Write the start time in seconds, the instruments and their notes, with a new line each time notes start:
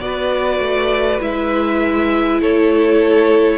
0.00 cello B3, viola F#4, violin B4 D5
0.59 cello A3
1.20 cello G#3, viola E4, violin E5
2.42 cello A3, violin A4 C#5